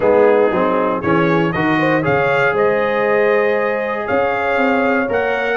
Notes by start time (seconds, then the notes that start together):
0.00 G#3 B3 D#4 G#4
0.51 F#3 C4
1.00 E3 C#4 G#4 C#5
1.52 D#3 F#4 A#4 D#5
1.79 C5
2.02 C#3 G#4 C#5 F5
2.53 G#3 C5 D#5
4.05 C#4 C#5 F5
4.57 C4
5.08 A#3 A#4 F#5